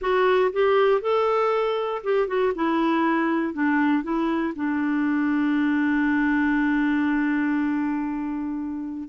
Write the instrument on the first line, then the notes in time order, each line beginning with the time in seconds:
clarinet
0.01 F#4
0.52 G4
1.01 A4
2.03 G4
2.27 F#4
2.55 E4
3.53 D4
4.03 E4
4.55 D4